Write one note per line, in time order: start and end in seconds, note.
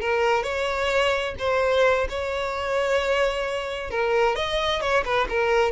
0.00 0.43 A#4
0.43 1.34 C#5
1.39 2.07 C5
2.09 3.90 C#5
3.90 4.35 A#4
4.35 4.81 D#5
4.81 5.04 C#5
5.04 5.27 B4
5.29 5.71 A#4